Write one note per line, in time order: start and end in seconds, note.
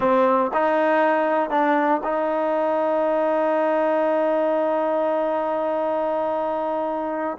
0.00 0.51 C4
0.53 1.50 D#4
1.50 2.01 D4
2.03 7.37 D#4